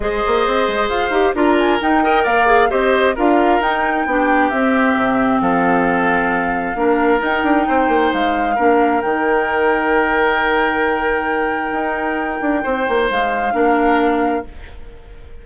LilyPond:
<<
  \new Staff \with { instrumentName = "flute" } { \time 4/4 \tempo 4 = 133 dis''2 f''4 ais''8 gis''8 | g''4 f''4 dis''4 f''4 | g''2 e''2 | f''1 |
g''2 f''2 | g''1~ | g''1~ | g''4 f''2. | }
  \new Staff \with { instrumentName = "oboe" } { \time 4/4 c''2. ais'4~ | ais'8 dis''8 d''4 c''4 ais'4~ | ais'4 g'2. | a'2. ais'4~ |
ais'4 c''2 ais'4~ | ais'1~ | ais'1 | c''2 ais'2 | }
  \new Staff \with { instrumentName = "clarinet" } { \time 4/4 gis'2~ gis'8 g'8 f'4 | dis'8 ais'4 gis'8 g'4 f'4 | dis'4 d'4 c'2~ | c'2. d'4 |
dis'2. d'4 | dis'1~ | dis'1~ | dis'2 d'2 | }
  \new Staff \with { instrumentName = "bassoon" } { \time 4/4 gis8 ais8 c'8 gis8 f'8 dis'8 d'4 | dis'4 ais4 c'4 d'4 | dis'4 b4 c'4 c4 | f2. ais4 |
dis'8 d'8 c'8 ais8 gis4 ais4 | dis1~ | dis2 dis'4. d'8 | c'8 ais8 gis4 ais2 | }
>>